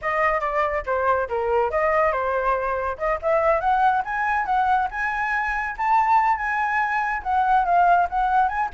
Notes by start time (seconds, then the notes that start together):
0.01 D#5
0.40 D5
0.85 C5
1.29 A#4
1.70 D#5
2.12 C5
2.97 D#5
3.22 E5
3.60 F#5
4.04 G#5
4.45 F#5
4.91 G#5
5.77 A5
6.37 G#5
7.22 F#5
7.65 F5
8.09 F#5
8.48 G#5